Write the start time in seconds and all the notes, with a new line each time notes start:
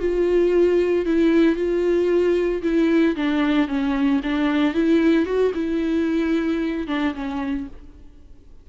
0.00 F4
1.06 E4
1.56 F4
2.63 E4
3.16 D4
3.68 C#4
4.24 D4
4.74 E4
5.26 F#4
5.55 E4
6.88 D4
7.15 C#4